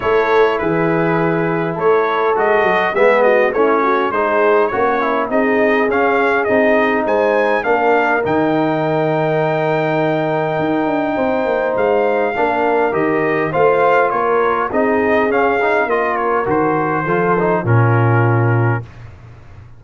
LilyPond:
<<
  \new Staff \with { instrumentName = "trumpet" } { \time 4/4 \tempo 4 = 102 cis''4 b'2 cis''4 | dis''4 e''8 dis''8 cis''4 c''4 | cis''4 dis''4 f''4 dis''4 | gis''4 f''4 g''2~ |
g''1 | f''2 dis''4 f''4 | cis''4 dis''4 f''4 dis''8 cis''8 | c''2 ais'2 | }
  \new Staff \with { instrumentName = "horn" } { \time 4/4 a'4 gis'2 a'4~ | a'4 gis'8 fis'8 e'8 fis'8 gis'4 | cis'4 gis'2. | c''4 ais'2.~ |
ais'2. c''4~ | c''4 ais'2 c''4 | ais'4 gis'2 ais'4~ | ais'4 a'4 f'2 | }
  \new Staff \with { instrumentName = "trombone" } { \time 4/4 e'1 | fis'4 b4 cis'4 dis'4 | fis'8 e'8 dis'4 cis'4 dis'4~ | dis'4 d'4 dis'2~ |
dis'1~ | dis'4 d'4 g'4 f'4~ | f'4 dis'4 cis'8 dis'8 f'4 | fis'4 f'8 dis'8 cis'2 | }
  \new Staff \with { instrumentName = "tuba" } { \time 4/4 a4 e2 a4 | gis8 fis8 gis4 a4 gis4 | ais4 c'4 cis'4 c'4 | gis4 ais4 dis2~ |
dis2 dis'8 d'8 c'8 ais8 | gis4 ais4 dis4 a4 | ais4 c'4 cis'4 ais4 | dis4 f4 ais,2 | }
>>